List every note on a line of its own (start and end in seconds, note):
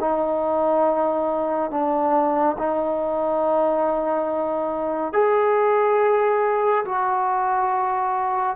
0.00 1.70 D#4
1.70 2.56 D4
2.58 5.13 D#4
5.13 6.84 G#4
6.85 8.56 F#4